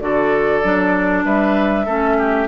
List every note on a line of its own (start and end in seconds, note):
0.00 0.63 D3
0.00 0.63 F#4
0.00 1.25 A4
0.00 1.24 D5
0.63 1.25 F#3
0.63 1.87 D4
1.25 1.87 G3
1.25 1.86 B4
1.25 2.48 E5
1.86 2.48 A3
1.86 2.48 C#4
1.86 2.17 A4
2.19 2.48 G4